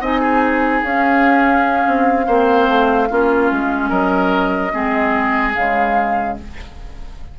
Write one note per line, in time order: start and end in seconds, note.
0.00 0.82 C4
0.00 0.84 D#4
0.00 0.20 D#5
0.00 0.83 G#5
0.20 2.26 G#4
0.83 1.86 C#4
0.83 2.27 C#4
0.83 3.89 F5
1.87 2.27 C4
2.26 2.68 A#3
2.26 3.09 C4
2.26 3.09 C5
2.68 3.09 A3
3.09 3.51 A#3
3.09 4.72 C#4
3.09 3.89 F4
3.51 3.91 G#3
3.89 4.73 F#3
3.89 4.71 A#4
3.89 5.53 D#5
4.72 5.56 G#3
4.72 5.54 C4
4.72 6.38 G#4
5.55 6.38 C#3
5.55 6.39 G#3
5.55 6.37 F5